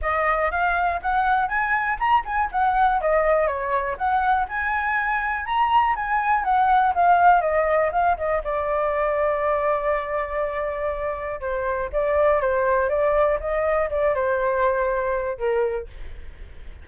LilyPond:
\new Staff \with { instrumentName = "flute" } { \time 4/4 \tempo 4 = 121 dis''4 f''4 fis''4 gis''4 | ais''8 gis''8 fis''4 dis''4 cis''4 | fis''4 gis''2 ais''4 | gis''4 fis''4 f''4 dis''4 |
f''8 dis''8 d''2.~ | d''2. c''4 | d''4 c''4 d''4 dis''4 | d''8 c''2~ c''8 ais'4 | }